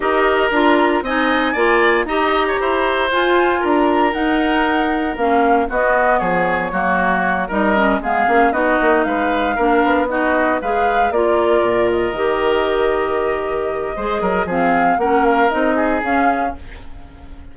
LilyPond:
<<
  \new Staff \with { instrumentName = "flute" } { \time 4/4 \tempo 4 = 116 dis''4 ais''4 gis''2 | ais''2 gis''4 ais''4 | fis''2 f''4 dis''4 | cis''2~ cis''8 dis''4 f''8~ |
f''8 dis''4 f''2 dis''8~ | dis''8 f''4 d''4. dis''4~ | dis''1 | f''4 fis''8 f''8 dis''4 f''4 | }
  \new Staff \with { instrumentName = "oboe" } { \time 4/4 ais'2 dis''4 d''4 | dis''8. cis''16 c''2 ais'4~ | ais'2. fis'4 | gis'4 fis'4. ais'4 gis'8~ |
gis'8 fis'4 b'4 ais'4 fis'8~ | fis'8 b'4 ais'2~ ais'8~ | ais'2. c''8 ais'8 | gis'4 ais'4. gis'4. | }
  \new Staff \with { instrumentName = "clarinet" } { \time 4/4 g'4 f'4 dis'4 f'4 | g'2 f'2 | dis'2 cis'4 b4~ | b4 ais4. dis'8 cis'8 b8 |
cis'8 dis'2 d'4 dis'8~ | dis'8 gis'4 f'2 g'8~ | g'2. gis'4 | c'4 cis'4 dis'4 cis'4 | }
  \new Staff \with { instrumentName = "bassoon" } { \time 4/4 dis'4 d'4 c'4 ais4 | dis'4 e'4 f'4 d'4 | dis'2 ais4 b4 | f4 fis4. g4 gis8 |
ais8 b8 ais8 gis4 ais8 b4~ | b8 gis4 ais4 ais,4 dis8~ | dis2. gis8 fis8 | f4 ais4 c'4 cis'4 | }
>>